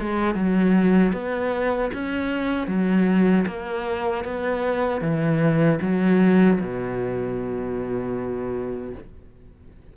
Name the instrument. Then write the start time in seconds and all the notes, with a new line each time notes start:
cello
0.00 G#3
0.35 F#3
1.13 B3
1.94 C#4
2.67 F#3
3.47 A#3
4.25 B3
5.02 E3
5.82 F#3
6.60 B2